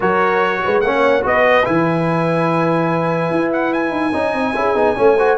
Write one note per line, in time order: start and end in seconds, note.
0.00 0.63 F#3
0.00 0.82 F#4
0.00 0.61 A#4
0.00 0.80 C#5
0.64 0.83 G#3
0.64 0.84 B4
0.80 1.24 A#3
0.80 1.22 C#4
0.80 1.25 C#5
0.80 1.22 F#5
1.22 1.66 B3
1.22 1.63 F#4
1.22 4.14 B4
1.22 1.65 D#5
1.65 3.30 E3
1.65 4.12 E4
1.65 3.51 G#5
3.30 3.91 E4
3.52 3.73 F#5
3.73 5.38 G#5
3.91 4.11 D#4
4.12 4.33 C#4
4.12 4.54 D#4
4.12 4.55 D#5
4.33 4.54 C4
4.55 4.74 C#4
4.55 4.75 E4
4.55 4.97 G#4
4.74 4.95 B3
4.74 4.96 D#4
4.96 5.38 A3
4.96 5.16 C#4
4.96 5.17 C#5
5.17 5.38 F#4
5.17 5.37 C5